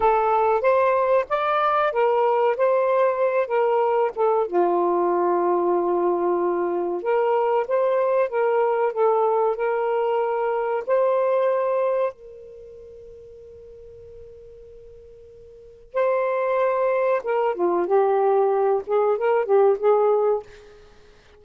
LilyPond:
\new Staff \with { instrumentName = "saxophone" } { \time 4/4 \tempo 4 = 94 a'4 c''4 d''4 ais'4 | c''4. ais'4 a'8 f'4~ | f'2. ais'4 | c''4 ais'4 a'4 ais'4~ |
ais'4 c''2 ais'4~ | ais'1~ | ais'4 c''2 ais'8 f'8 | g'4. gis'8 ais'8 g'8 gis'4 | }